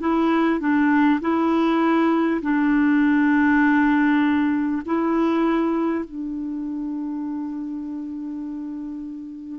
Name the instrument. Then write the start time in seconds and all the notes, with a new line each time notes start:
clarinet
0.00 E4
0.61 D4
1.21 E4
2.43 D4
4.86 E4
6.05 D4